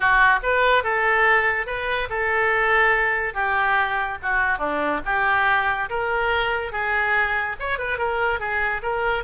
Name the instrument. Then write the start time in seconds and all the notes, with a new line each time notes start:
oboe
0.00 F#4
0.42 B4
0.83 A4
1.66 B4
2.09 A4
3.34 G4
4.22 F#4
4.58 D4
5.05 G4
5.89 A#4
6.72 G#4
7.59 C#5
7.78 B4
7.98 A#4
8.39 G#4
8.82 A#4